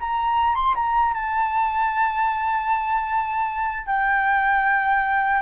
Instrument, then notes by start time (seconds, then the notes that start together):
flute
0.00 A#5
0.55 C6
0.75 A#5
1.14 A5
3.86 G5